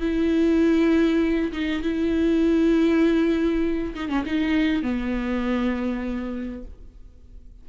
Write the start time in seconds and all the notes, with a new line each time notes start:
0.00 E4
1.52 D#4
1.82 E4
3.94 D#4
4.09 C#4
4.26 D#4
4.82 B3